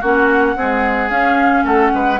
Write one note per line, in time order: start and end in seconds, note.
0.00 0.55 A#3
0.00 0.56 C#4
0.00 0.54 F#4
0.00 1.10 F#5
0.55 1.10 G#3
0.55 1.09 C4
0.55 1.64 G#4
1.09 1.63 C#4
1.09 2.18 C#4
1.09 1.64 F5
1.64 1.91 A3
1.64 1.91 A4
1.64 2.20 F#5
1.93 2.20 G#3
1.93 2.20 B4